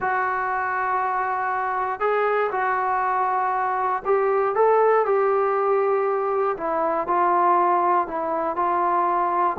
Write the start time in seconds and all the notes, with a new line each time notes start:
0.00 F#4
2.00 G#4
2.51 F#4
4.05 G4
4.55 A4
5.05 G4
6.57 E4
7.07 F4
8.07 E4
8.56 F4